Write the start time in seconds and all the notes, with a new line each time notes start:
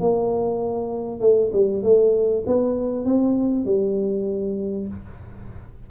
0.00 A#3
1.21 A3
1.53 G3
1.83 A3
2.47 B3
3.06 C4
3.65 G3